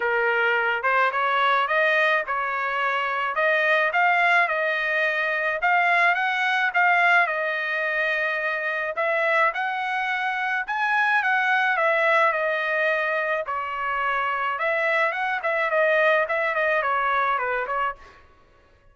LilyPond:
\new Staff \with { instrumentName = "trumpet" } { \time 4/4 \tempo 4 = 107 ais'4. c''8 cis''4 dis''4 | cis''2 dis''4 f''4 | dis''2 f''4 fis''4 | f''4 dis''2. |
e''4 fis''2 gis''4 | fis''4 e''4 dis''2 | cis''2 e''4 fis''8 e''8 | dis''4 e''8 dis''8 cis''4 b'8 cis''8 | }